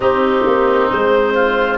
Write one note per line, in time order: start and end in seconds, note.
0.00 0.45 C4
0.00 1.78 C4
0.00 1.33 D#4
0.00 0.89 G4
0.46 0.90 A#3
0.89 1.78 G#3
0.89 1.78 C5
1.34 1.78 F4